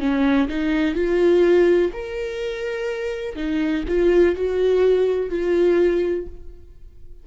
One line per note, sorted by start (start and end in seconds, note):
0.00 0.48 C#4
0.48 0.95 D#4
0.95 1.92 F4
1.93 3.36 A#4
3.36 3.84 D#4
3.88 4.36 F4
4.36 5.30 F#4
5.30 6.27 F4